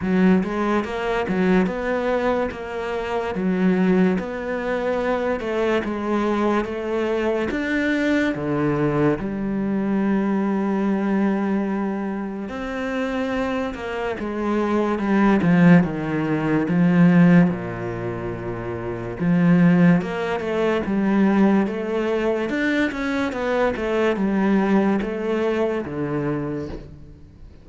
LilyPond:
\new Staff \with { instrumentName = "cello" } { \time 4/4 \tempo 4 = 72 fis8 gis8 ais8 fis8 b4 ais4 | fis4 b4. a8 gis4 | a4 d'4 d4 g4~ | g2. c'4~ |
c'8 ais8 gis4 g8 f8 dis4 | f4 ais,2 f4 | ais8 a8 g4 a4 d'8 cis'8 | b8 a8 g4 a4 d4 | }